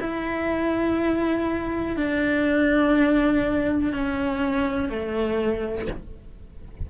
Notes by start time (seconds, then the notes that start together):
0.00 E4
1.96 D4
3.93 C#4
4.89 A3